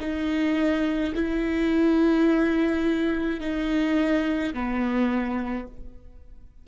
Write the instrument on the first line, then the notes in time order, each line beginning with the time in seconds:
viola
0.00 D#4
1.15 E4
3.40 D#4
4.54 B3